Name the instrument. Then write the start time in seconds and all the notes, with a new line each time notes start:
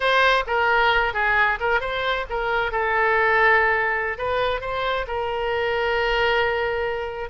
oboe
0.00 C5
0.46 A#4
1.13 G#4
1.60 A#4
1.80 C5
2.29 A#4
2.71 A4
4.17 B4
4.61 C5
5.07 A#4